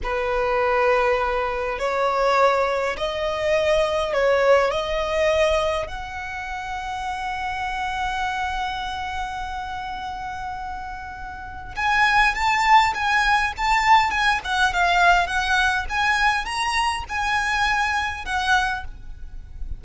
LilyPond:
\new Staff \with { instrumentName = "violin" } { \time 4/4 \tempo 4 = 102 b'2. cis''4~ | cis''4 dis''2 cis''4 | dis''2 fis''2~ | fis''1~ |
fis''1 | gis''4 a''4 gis''4 a''4 | gis''8 fis''8 f''4 fis''4 gis''4 | ais''4 gis''2 fis''4 | }